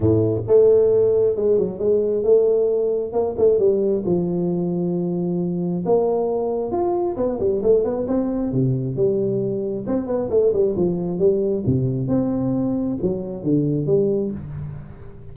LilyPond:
\new Staff \with { instrumentName = "tuba" } { \time 4/4 \tempo 4 = 134 a,4 a2 gis8 fis8 | gis4 a2 ais8 a8 | g4 f2.~ | f4 ais2 f'4 |
b8 g8 a8 b8 c'4 c4 | g2 c'8 b8 a8 g8 | f4 g4 c4 c'4~ | c'4 fis4 d4 g4 | }